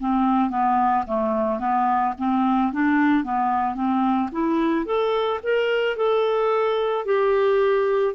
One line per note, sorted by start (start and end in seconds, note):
0.00 0.50 C4
0.50 1.05 B3
1.07 1.60 A3
1.60 2.14 B3
2.18 2.73 C4
2.73 3.24 D4
3.24 3.75 B3
3.75 4.30 C4
4.32 4.86 E4
4.86 5.40 A4
5.43 5.97 A#4
5.97 7.06 A4
7.06 8.15 G4